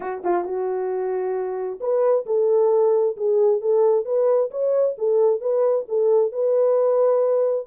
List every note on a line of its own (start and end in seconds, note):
0.00 0.22 F#4
0.23 0.44 F4
0.44 1.79 F#4
1.80 2.25 B4
2.26 3.16 A4
3.17 3.61 G#4
3.61 4.05 A4
4.05 4.50 B4
4.51 4.96 C#5
4.98 5.40 A4
5.40 5.85 B4
5.88 6.32 A4
6.32 7.66 B4